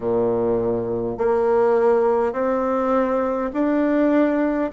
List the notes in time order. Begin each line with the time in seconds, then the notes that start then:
0.00 A#2
1.17 A#3
2.33 C4
3.53 D4